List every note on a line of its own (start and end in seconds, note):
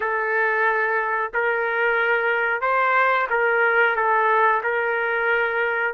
0.00 1.32 A4
1.33 2.61 A#4
2.61 3.27 C5
3.30 3.96 A#4
3.96 4.62 A4
4.63 5.93 A#4